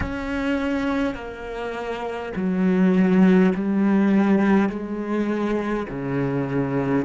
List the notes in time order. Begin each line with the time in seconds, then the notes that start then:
0.00 C#4
1.14 A#3
2.35 F#3
3.55 G3
4.69 G#3
5.89 C#3